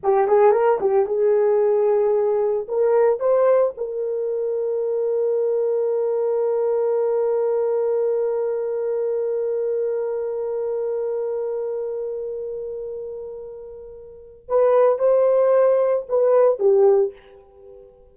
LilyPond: \new Staff \with { instrumentName = "horn" } { \time 4/4 \tempo 4 = 112 g'8 gis'8 ais'8 g'8 gis'2~ | gis'4 ais'4 c''4 ais'4~ | ais'1~ | ais'1~ |
ais'1~ | ais'1~ | ais'2. b'4 | c''2 b'4 g'4 | }